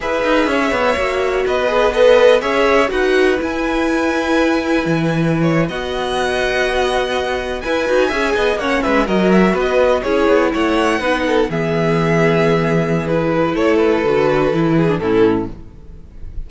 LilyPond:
<<
  \new Staff \with { instrumentName = "violin" } { \time 4/4 \tempo 4 = 124 e''2. dis''4 | b'4 e''4 fis''4 gis''4~ | gis''2.~ gis''8. fis''16~ | fis''2.~ fis''8. gis''16~ |
gis''4.~ gis''16 fis''8 e''8 dis''8 e''8 dis''16~ | dis''8. cis''4 fis''2 e''16~ | e''2. b'4 | cis''8 b'2~ b'8 a'4 | }
  \new Staff \with { instrumentName = "violin" } { \time 4/4 b'4 cis''2 b'4 | dis''4 cis''4 b'2~ | b'2.~ b'16 cis''8 dis''16~ | dis''2.~ dis''8. b'16~ |
b'8. e''8 dis''8 cis''8 b'8 ais'4 b'16~ | b'8. gis'4 cis''4 b'8 a'8 gis'16~ | gis'1 | a'2~ a'8 gis'8 e'4 | }
  \new Staff \with { instrumentName = "viola" } { \time 4/4 gis'2 fis'4. gis'8 | a'4 gis'4 fis'4 e'4~ | e'2.~ e'8. fis'16~ | fis'2.~ fis'8. e'16~ |
e'16 fis'8 gis'4 cis'4 fis'4~ fis'16~ | fis'8. e'2 dis'4 b16~ | b2. e'4~ | e'4 fis'4 e'8. d'16 cis'4 | }
  \new Staff \with { instrumentName = "cello" } { \time 4/4 e'8 dis'8 cis'8 b8 ais4 b4~ | b4 cis'4 dis'4 e'4~ | e'2 e4.~ e16 b16~ | b2.~ b8. e'16~ |
e'16 dis'8 cis'8 b8 ais8 gis8 fis4 b16~ | b8. cis'8 b8 a4 b4 e16~ | e1 | a4 d4 e4 a,4 | }
>>